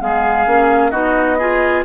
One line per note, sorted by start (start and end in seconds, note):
0.00 0.47 G#3
0.00 0.46 B3
0.00 0.91 G#4
0.00 0.90 F5
0.47 0.92 A#3
0.47 0.92 C#4
0.90 1.84 B3
0.90 1.38 D#4
0.90 1.37 F#4
0.90 1.82 D#5
1.39 1.85 F4
1.39 1.85 G#4